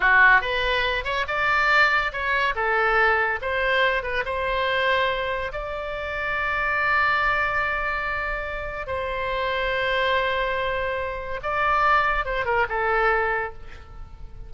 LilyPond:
\new Staff \with { instrumentName = "oboe" } { \time 4/4 \tempo 4 = 142 fis'4 b'4. cis''8 d''4~ | d''4 cis''4 a'2 | c''4. b'8 c''2~ | c''4 d''2.~ |
d''1~ | d''4 c''2.~ | c''2. d''4~ | d''4 c''8 ais'8 a'2 | }